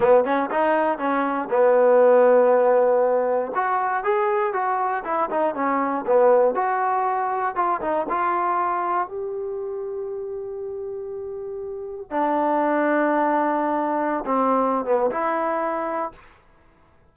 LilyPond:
\new Staff \with { instrumentName = "trombone" } { \time 4/4 \tempo 4 = 119 b8 cis'8 dis'4 cis'4 b4~ | b2. fis'4 | gis'4 fis'4 e'8 dis'8 cis'4 | b4 fis'2 f'8 dis'8 |
f'2 g'2~ | g'1 | d'1~ | d'16 c'4~ c'16 b8 e'2 | }